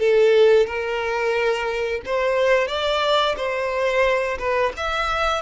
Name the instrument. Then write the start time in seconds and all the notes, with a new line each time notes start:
violin
0.00 A4
0.67 A#4
2.06 C5
2.68 D5
3.37 C5
4.39 B4
4.77 E5